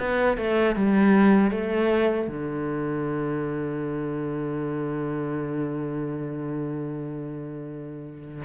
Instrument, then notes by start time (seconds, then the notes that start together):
cello
0.00 B3
0.38 A3
0.76 G3
1.51 A3
2.28 D3